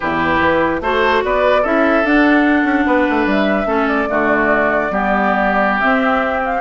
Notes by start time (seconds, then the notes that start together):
0.00 E2 E4 G4 B4
0.40 E3
0.80 A3 F#4 A4 C5
1.24 B3 B4 D5
1.62 C#4 E4 A4 E5
2.04 D4 F#5
2.64 C#4
2.86 B3 B4
3.09 A3
3.26 G3 E5
3.65 A3 C#4 A4
3.87 D5
4.07 D3 A3 F#4
4.90 G3 B3 G4
5.79 C4 E5
6.44 F5